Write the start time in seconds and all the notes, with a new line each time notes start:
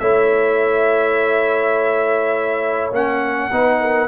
0.00 A3 E4 C#5 E5
2.92 A#3 C#4 F#5
3.51 B3 D#4 B4
3.81 A#4